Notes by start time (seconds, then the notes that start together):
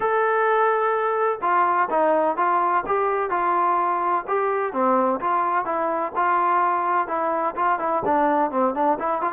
0.00 A4
1.41 F4
1.90 D#4
2.36 F4
2.86 G4
3.30 F4
4.27 G4
4.72 C4
5.20 F4
5.65 E4
6.15 F4
7.07 E4
7.55 F4
7.79 E4
8.05 D4
8.50 C4
8.74 D4
8.99 E4
9.21 F4